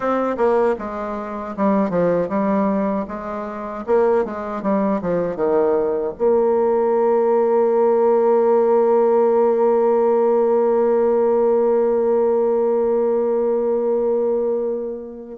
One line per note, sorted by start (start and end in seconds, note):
0.00 0.36 C4
0.37 0.75 A#3
0.78 1.55 G#3
1.56 1.90 G3
1.90 2.28 F3
2.28 3.05 G3
3.08 3.85 G#3
3.86 4.24 A#3
4.24 4.62 G#3
4.62 5.00 G3
5.01 5.36 F3
5.36 6.13 D#3
6.18 15.38 A#3